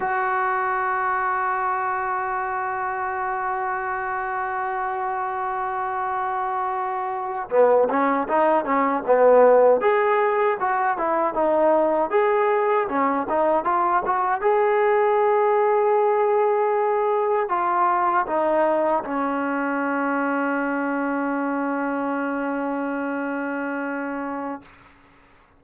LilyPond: \new Staff \with { instrumentName = "trombone" } { \time 4/4 \tempo 4 = 78 fis'1~ | fis'1~ | fis'4.~ fis'16 b8 cis'8 dis'8 cis'8 b16~ | b8. gis'4 fis'8 e'8 dis'4 gis'16~ |
gis'8. cis'8 dis'8 f'8 fis'8 gis'4~ gis'16~ | gis'2~ gis'8. f'4 dis'16~ | dis'8. cis'2.~ cis'16~ | cis'1 | }